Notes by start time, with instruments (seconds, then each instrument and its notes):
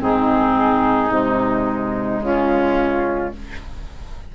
0.00 bassoon G#2, clarinet C4, oboe D#4, flute G#4
1.10 bassoon C3, clarinet G#3, flute D#4
2.20 bassoon C#3, oboe C#4, flute F4